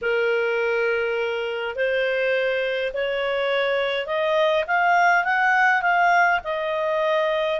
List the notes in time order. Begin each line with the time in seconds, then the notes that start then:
0.01 A#4
1.75 C5
2.93 C#5
4.06 D#5
4.67 F5
5.24 F#5
5.81 F5
6.43 D#5